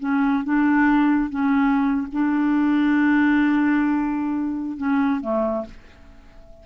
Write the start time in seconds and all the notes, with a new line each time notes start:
0.00 C#4
0.45 D4
1.30 C#4
2.13 D4
4.77 C#4
5.21 A3